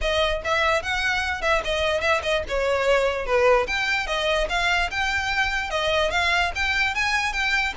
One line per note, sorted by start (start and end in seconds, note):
0.01 0.42 D#5
0.44 0.82 E5
0.82 1.41 F#5
1.41 1.62 E5
1.64 2.00 D#5
2.00 2.21 E5
2.22 2.43 D#5
2.48 3.26 C#5
3.26 3.66 B4
3.67 4.06 G5
4.06 4.47 D#5
4.49 4.90 F5
4.90 5.70 G5
5.70 6.10 D#5
6.10 6.51 F5
6.55 6.95 G5
6.95 7.32 G#5
7.32 7.73 G5